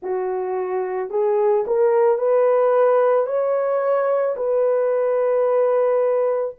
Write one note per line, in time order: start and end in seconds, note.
0.02 1.10 F#4
1.10 1.64 G#4
1.67 2.18 A#4
2.18 3.26 B4
3.26 4.35 C#5
4.36 6.55 B4